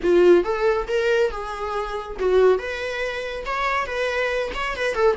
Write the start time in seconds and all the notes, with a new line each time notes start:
0.02 F4
0.43 A4
0.87 A#4
1.30 G#4
2.19 F#4
2.58 B4
3.45 C#5
3.86 B4
4.54 C#5
4.76 B4
4.94 A4